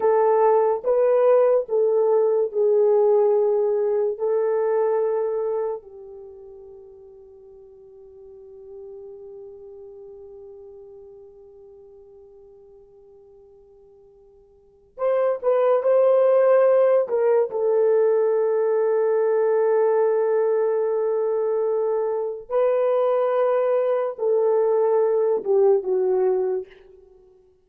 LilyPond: \new Staff \with { instrumentName = "horn" } { \time 4/4 \tempo 4 = 72 a'4 b'4 a'4 gis'4~ | gis'4 a'2 g'4~ | g'1~ | g'1~ |
g'2 c''8 b'8 c''4~ | c''8 ais'8 a'2.~ | a'2. b'4~ | b'4 a'4. g'8 fis'4 | }